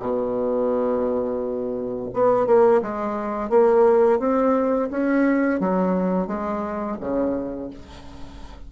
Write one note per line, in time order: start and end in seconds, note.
0.00 2.09 B2
2.13 2.46 B3
2.46 2.81 A#3
2.82 3.50 G#3
3.50 4.20 A#3
4.20 4.89 C4
4.90 5.60 C#4
5.60 6.27 F#3
6.27 6.97 G#3
7.01 7.70 C#3